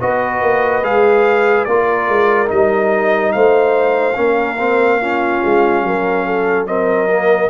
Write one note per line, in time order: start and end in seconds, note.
0.00 0.41 B3
0.00 0.83 F#4
0.00 1.68 B4
0.00 0.84 D#5
0.41 0.82 A#3
0.82 1.66 G#3
0.82 1.66 G#4
0.82 1.64 F5
1.64 2.08 A#3
1.64 2.46 F4
1.64 3.34 A#4
1.64 2.48 D5
2.08 2.49 G#3
2.46 3.35 G3
2.46 4.13 D#4
2.46 3.32 D#5
3.32 4.16 A3
3.32 4.17 C5
3.32 6.65 F5
4.15 5.41 A#3
4.15 4.57 C#4
4.15 5.01 A#4
4.59 5.00 C4
5.00 6.67 C#4
5.00 5.84 F4
5.44 5.82 G#3
5.82 7.49 F#3
5.82 6.26 A#4
6.26 6.67 A4
6.66 7.08 C4
6.66 7.49 A#4
6.66 7.49 D#5
7.09 7.49 A#3